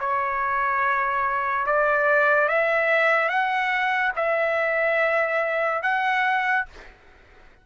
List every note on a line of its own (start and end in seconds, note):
0.00 1.66 C#5
1.66 2.48 D5
2.48 3.29 E5
3.29 4.12 F#5
4.16 5.83 E5
5.83 6.66 F#5